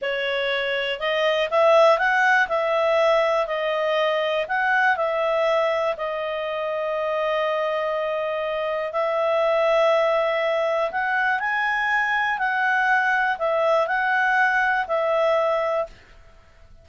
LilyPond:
\new Staff \with { instrumentName = "clarinet" } { \time 4/4 \tempo 4 = 121 cis''2 dis''4 e''4 | fis''4 e''2 dis''4~ | dis''4 fis''4 e''2 | dis''1~ |
dis''2 e''2~ | e''2 fis''4 gis''4~ | gis''4 fis''2 e''4 | fis''2 e''2 | }